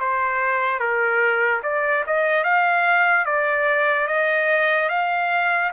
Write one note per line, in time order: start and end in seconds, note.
0.00 0.80 C5
0.80 1.62 A#4
1.63 2.04 D5
2.07 2.44 D#5
2.44 3.25 F5
3.25 4.08 D5
4.08 4.89 D#5
4.89 5.71 F5